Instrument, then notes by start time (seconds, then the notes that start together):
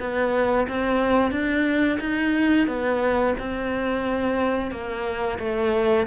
cello
0.00 B3
0.68 C4
1.31 D4
2.00 D#4
2.67 B3
3.40 C4
4.71 A#3
5.39 A3